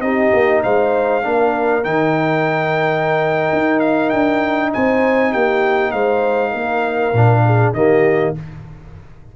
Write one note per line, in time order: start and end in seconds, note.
0.00 0.30 C4
0.00 1.22 D#4
0.00 0.63 G4
0.00 0.61 D#5
0.33 0.63 A#3
0.63 1.24 G#3
0.63 1.23 C5
0.63 1.84 F5
1.22 1.84 A#3
1.22 1.82 D4
1.22 4.72 A#4
1.83 3.51 D#3
1.83 7.13 D#4
1.83 3.79 G5
3.52 4.13 D#4
3.79 4.09 F5
4.09 4.74 D4
4.09 4.70 G5
4.73 5.34 C4
4.73 5.31 C5
4.73 5.32 G#5
5.31 5.93 A#3
5.31 5.92 G4
5.31 5.91 G5
5.91 6.54 G#3
5.91 6.50 C5
5.91 7.73 F5
6.50 7.13 A#3
6.50 7.41 A#4
7.13 7.73 A#2
7.13 7.75 D4
7.45 7.75 G#4
7.73 8.33 D#3
7.73 8.35 A#3
7.73 8.36 G4
7.73 8.34 D#5